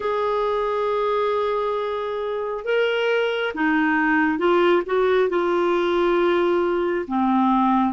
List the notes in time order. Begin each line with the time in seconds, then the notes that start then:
0.00 G#4
2.64 A#4
3.54 D#4
4.38 F4
4.86 F#4
5.29 F4
7.07 C4